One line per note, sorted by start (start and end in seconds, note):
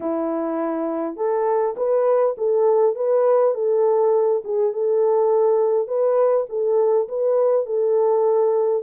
0.00 1.16 E4
1.16 1.75 A4
1.76 2.35 B4
2.37 2.95 A4
2.95 3.54 B4
3.54 4.42 A4
4.44 4.72 G#4
4.72 5.87 A4
5.87 6.46 B4
6.49 7.08 A4
7.08 7.66 B4
7.66 8.83 A4